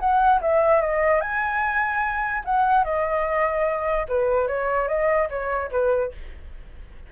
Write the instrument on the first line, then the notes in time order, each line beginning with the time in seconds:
flute
0.00 F#5
0.42 E5
0.82 D#5
1.21 G#5
2.45 F#5
2.84 D#5
4.09 B4
4.48 C#5
4.88 D#5
5.30 C#5
5.71 B4